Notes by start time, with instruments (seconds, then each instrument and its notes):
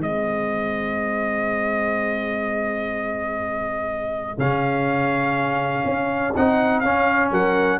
0.00 tuba G#3, trombone C4, horn G#4, trumpet D#5
4.38 tuba C#3, trombone C#4, trumpet F5
5.86 tuba C#4
6.36 tuba C4, trombone D#4, trumpet F#5
6.80 tuba C#4, trombone C#4, trumpet F5
7.31 tuba F#3, horn A#4, trumpet F#5